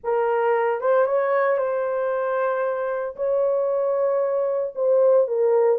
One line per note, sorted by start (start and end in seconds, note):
0.03 0.80 A#4
0.80 1.06 C5
1.06 1.57 C#5
1.57 3.15 C5
3.16 4.73 C#5
4.75 5.27 C5
5.27 5.79 A#4